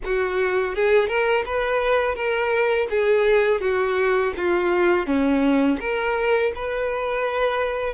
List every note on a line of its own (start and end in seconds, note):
0.05 0.75 F#4
0.75 1.07 G#4
1.07 1.44 A#4
1.45 2.15 B4
2.15 2.87 A#4
2.89 3.60 G#4
3.60 4.33 F#4
4.36 5.06 F4
5.06 5.78 C#4
5.80 6.52 A#4
6.55 7.93 B4